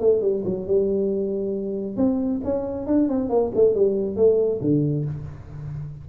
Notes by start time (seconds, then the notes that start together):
0.00 A3
0.21 G3
0.45 F#3
0.66 G3
1.96 C4
2.44 C#4
2.86 D4
3.08 C4
3.29 A#3
3.55 A3
3.74 G3
4.16 A3
4.60 D3